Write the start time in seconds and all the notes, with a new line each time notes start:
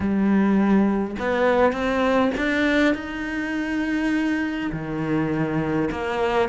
0.00 G3
1.19 B3
1.72 C4
2.37 D4
2.94 D#4
4.71 D#3
5.91 A#3